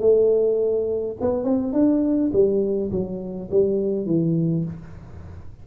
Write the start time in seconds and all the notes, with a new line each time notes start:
0.00 A3
1.21 B3
1.44 C4
1.73 D4
2.33 G3
2.91 F#3
3.51 G3
4.06 E3